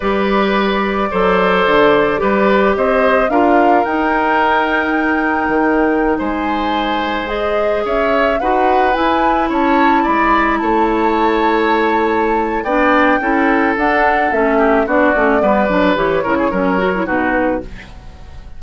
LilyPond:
<<
  \new Staff \with { instrumentName = "flute" } { \time 4/4 \tempo 4 = 109 d''1~ | d''4 dis''4 f''4 g''4~ | g''2.~ g''16 gis''8.~ | gis''4~ gis''16 dis''4 e''4 fis''8.~ |
fis''16 gis''4 a''4 b''4 a''8.~ | a''2. g''4~ | g''4 fis''4 e''4 d''4~ | d''4 cis''2 b'4 | }
  \new Staff \with { instrumentName = "oboe" } { \time 4/4 b'2 c''2 | b'4 c''4 ais'2~ | ais'2.~ ais'16 c''8.~ | c''2~ c''16 cis''4 b'8.~ |
b'4~ b'16 cis''4 d''4 cis''8.~ | cis''2. d''4 | a'2~ a'8 g'8 fis'4 | b'4. ais'16 gis'16 ais'4 fis'4 | }
  \new Staff \with { instrumentName = "clarinet" } { \time 4/4 g'2 a'2 | g'2 f'4 dis'4~ | dis'1~ | dis'4~ dis'16 gis'2 fis'8.~ |
fis'16 e'2.~ e'8.~ | e'2. d'4 | e'4 d'4 cis'4 d'8 cis'8 | b8 d'8 g'8 e'8 cis'8 fis'16 e'16 dis'4 | }
  \new Staff \with { instrumentName = "bassoon" } { \time 4/4 g2 fis4 d4 | g4 c'4 d'4 dis'4~ | dis'2 dis4~ dis16 gis8.~ | gis2~ gis16 cis'4 dis'8.~ |
dis'16 e'4 cis'4 gis4 a8.~ | a2. b4 | cis'4 d'4 a4 b8 a8 | g8 fis8 e8 cis8 fis4 b,4 | }
>>